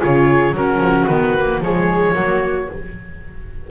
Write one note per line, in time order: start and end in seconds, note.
0.00 0.52 C#3
0.00 0.54 F4
0.00 0.54 G#4
0.00 0.56 C#5
0.52 0.78 F#3
0.52 1.10 C#4
0.52 1.64 F#4
0.52 1.07 A#4
0.78 1.05 F3
1.07 1.60 D#3
1.07 1.37 B3
1.07 1.60 B4
1.39 1.64 A#3
1.60 2.14 F3
1.60 2.15 G#3
1.60 2.13 G#4
1.60 2.71 C#5
2.13 2.69 F#3
2.13 2.69 A#3
2.13 2.67 F#4